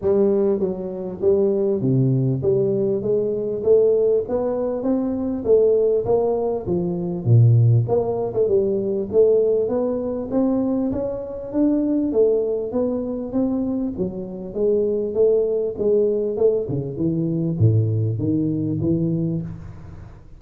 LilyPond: \new Staff \with { instrumentName = "tuba" } { \time 4/4 \tempo 4 = 99 g4 fis4 g4 c4 | g4 gis4 a4 b4 | c'4 a4 ais4 f4 | ais,4 ais8. a16 g4 a4 |
b4 c'4 cis'4 d'4 | a4 b4 c'4 fis4 | gis4 a4 gis4 a8 cis8 | e4 a,4 dis4 e4 | }